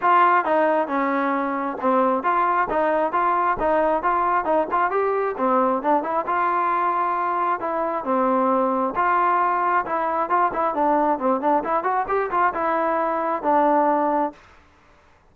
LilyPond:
\new Staff \with { instrumentName = "trombone" } { \time 4/4 \tempo 4 = 134 f'4 dis'4 cis'2 | c'4 f'4 dis'4 f'4 | dis'4 f'4 dis'8 f'8 g'4 | c'4 d'8 e'8 f'2~ |
f'4 e'4 c'2 | f'2 e'4 f'8 e'8 | d'4 c'8 d'8 e'8 fis'8 g'8 f'8 | e'2 d'2 | }